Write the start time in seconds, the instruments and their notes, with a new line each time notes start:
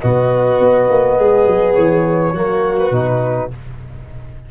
0.00 tuba B2, trombone B3, violin F#4, flute D#5
0.60 tuba B3
0.90 tuba A#3
1.18 tuba G#3, violin G#4
1.46 tuba F#3
1.74 tuba E3, flute C#5
2.33 tuba F#3, trombone A#3, violin F#4
2.79 flute B4
2.91 tuba B2, trombone D#4